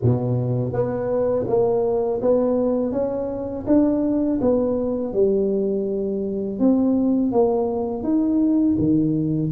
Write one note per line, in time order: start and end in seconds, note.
0.02 0.72 B2
0.72 1.45 B3
1.47 2.21 A#3
2.21 2.91 B3
2.91 3.65 C#4
3.66 4.39 D4
4.41 5.13 B3
5.13 6.59 G3
6.59 7.32 C4
7.32 8.03 A#3
8.03 8.76 D#4
8.78 9.51 D#3